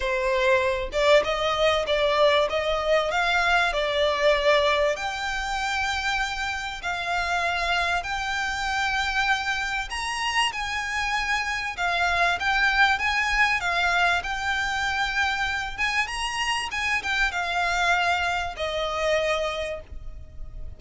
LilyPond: \new Staff \with { instrumentName = "violin" } { \time 4/4 \tempo 4 = 97 c''4. d''8 dis''4 d''4 | dis''4 f''4 d''2 | g''2. f''4~ | f''4 g''2. |
ais''4 gis''2 f''4 | g''4 gis''4 f''4 g''4~ | g''4. gis''8 ais''4 gis''8 g''8 | f''2 dis''2 | }